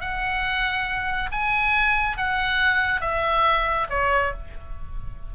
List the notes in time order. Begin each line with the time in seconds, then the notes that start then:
0.00 F#5
1.31 G#5
2.17 F#5
3.01 E5
3.89 C#5